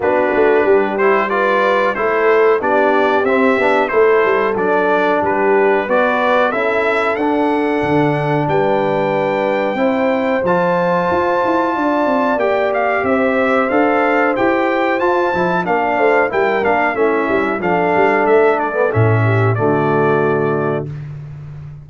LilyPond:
<<
  \new Staff \with { instrumentName = "trumpet" } { \time 4/4 \tempo 4 = 92 b'4. c''8 d''4 c''4 | d''4 e''4 c''4 d''4 | b'4 d''4 e''4 fis''4~ | fis''4 g''2. |
a''2. g''8 f''8 | e''4 f''4 g''4 a''4 | f''4 g''8 f''8 e''4 f''4 | e''8 d''8 e''4 d''2 | }
  \new Staff \with { instrumentName = "horn" } { \time 4/4 fis'4 g'4 b'4 a'4 | g'2 a'2 | g'4 b'4 a'2~ | a'4 b'2 c''4~ |
c''2 d''2 | c''1 | d''8 c''8 ais'4 e'4 a'4~ | a'4. g'8 fis'2 | }
  \new Staff \with { instrumentName = "trombone" } { \time 4/4 d'4. e'8 f'4 e'4 | d'4 c'8 d'8 e'4 d'4~ | d'4 fis'4 e'4 d'4~ | d'2. e'4 |
f'2. g'4~ | g'4 a'4 g'4 f'8 e'8 | d'4 e'8 d'8 cis'4 d'4~ | d'8. b16 cis'4 a2 | }
  \new Staff \with { instrumentName = "tuba" } { \time 4/4 b8 a8 g2 a4 | b4 c'8 b8 a8 g8 fis4 | g4 b4 cis'4 d'4 | d4 g2 c'4 |
f4 f'8 e'8 d'8 c'8 ais4 | c'4 d'4 e'4 f'8 f8 | ais8 a8 g8 ais8 a8 g8 f8 g8 | a4 a,4 d2 | }
>>